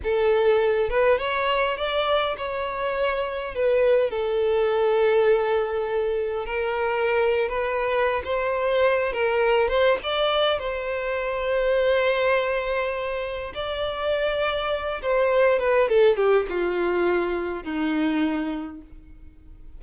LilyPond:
\new Staff \with { instrumentName = "violin" } { \time 4/4 \tempo 4 = 102 a'4. b'8 cis''4 d''4 | cis''2 b'4 a'4~ | a'2. ais'4~ | ais'8. b'4~ b'16 c''4. ais'8~ |
ais'8 c''8 d''4 c''2~ | c''2. d''4~ | d''4. c''4 b'8 a'8 g'8 | f'2 dis'2 | }